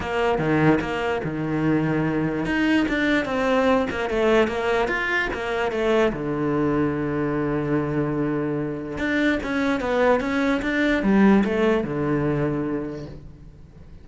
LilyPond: \new Staff \with { instrumentName = "cello" } { \time 4/4 \tempo 4 = 147 ais4 dis4 ais4 dis4~ | dis2 dis'4 d'4 | c'4. ais8 a4 ais4 | f'4 ais4 a4 d4~ |
d1~ | d2 d'4 cis'4 | b4 cis'4 d'4 g4 | a4 d2. | }